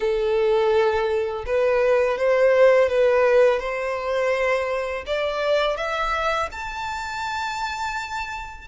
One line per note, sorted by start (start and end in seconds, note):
0.00 1.45 A4
1.46 2.18 B4
2.18 2.88 C5
2.88 3.59 B4
3.59 5.04 C5
5.06 5.76 D5
5.76 6.49 E5
6.51 8.68 A5